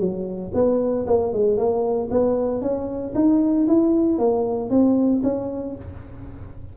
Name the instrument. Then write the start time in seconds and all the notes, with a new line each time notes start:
tuba
0.00 F#3
0.54 B3
1.07 A#3
1.33 G#3
1.57 A#3
2.11 B3
2.62 C#4
3.15 D#4
3.68 E4
4.19 A#3
4.70 C4
5.24 C#4